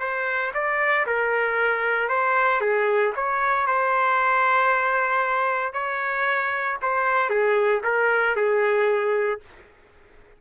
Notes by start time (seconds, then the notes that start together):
0.00 C5
0.54 D5
1.06 A#4
2.09 C5
2.61 G#4
3.16 C#5
3.67 C5
5.73 C#5
6.82 C5
7.30 G#4
7.84 A#4
8.36 G#4